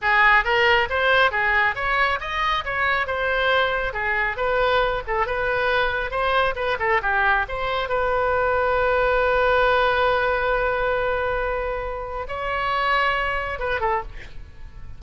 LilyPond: \new Staff \with { instrumentName = "oboe" } { \time 4/4 \tempo 4 = 137 gis'4 ais'4 c''4 gis'4 | cis''4 dis''4 cis''4 c''4~ | c''4 gis'4 b'4. a'8 | b'2 c''4 b'8 a'8 |
g'4 c''4 b'2~ | b'1~ | b'1 | cis''2. b'8 a'8 | }